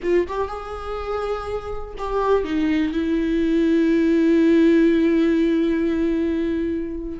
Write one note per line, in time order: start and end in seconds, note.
0.02 0.27 F4
0.27 0.48 G4
0.48 1.94 G#4
1.98 2.44 G4
2.44 2.92 D#4
2.92 7.19 E4